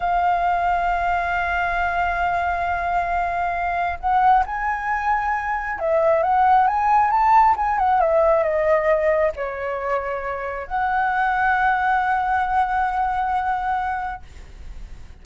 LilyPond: \new Staff \with { instrumentName = "flute" } { \time 4/4 \tempo 4 = 135 f''1~ | f''1~ | f''4 fis''4 gis''2~ | gis''4 e''4 fis''4 gis''4 |
a''4 gis''8 fis''8 e''4 dis''4~ | dis''4 cis''2. | fis''1~ | fis''1 | }